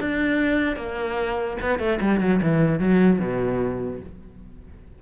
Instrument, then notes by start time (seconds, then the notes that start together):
cello
0.00 D4
0.76 A#3
1.61 B3
1.79 A3
2.01 G3
2.20 F#3
2.42 E3
2.79 F#3
3.19 B2